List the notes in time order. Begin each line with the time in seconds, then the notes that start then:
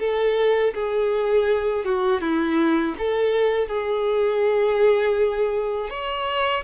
0.00 A4
0.75 G#4
1.85 F#4
2.21 E4
2.98 A4
3.68 G#4
5.90 C#5